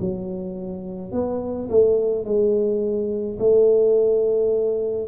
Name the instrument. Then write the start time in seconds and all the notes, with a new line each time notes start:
tuba
0.00 F#3
1.12 B3
1.69 A3
2.24 G#3
3.39 A3